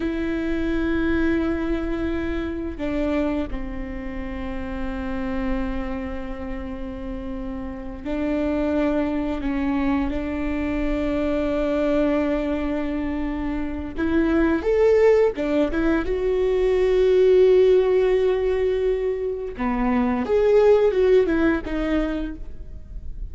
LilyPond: \new Staff \with { instrumentName = "viola" } { \time 4/4 \tempo 4 = 86 e'1 | d'4 c'2.~ | c'2.~ c'8 d'8~ | d'4. cis'4 d'4.~ |
d'1 | e'4 a'4 d'8 e'8 fis'4~ | fis'1 | b4 gis'4 fis'8 e'8 dis'4 | }